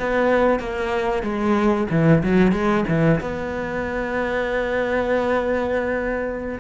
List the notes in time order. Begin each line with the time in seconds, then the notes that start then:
0.00 B3
0.60 A#3
1.23 G#3
1.91 E3
2.24 F#3
2.52 G#3
2.88 E3
3.21 B3